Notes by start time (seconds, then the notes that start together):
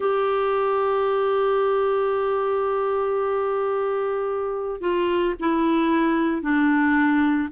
0.00 G4
4.81 F4
5.39 E4
6.41 D4